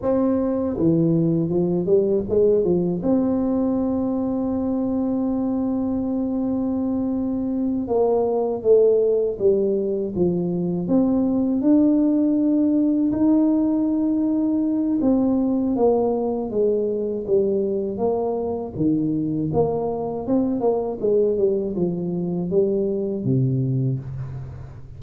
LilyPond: \new Staff \with { instrumentName = "tuba" } { \time 4/4 \tempo 4 = 80 c'4 e4 f8 g8 gis8 f8 | c'1~ | c'2~ c'8 ais4 a8~ | a8 g4 f4 c'4 d'8~ |
d'4. dis'2~ dis'8 | c'4 ais4 gis4 g4 | ais4 dis4 ais4 c'8 ais8 | gis8 g8 f4 g4 c4 | }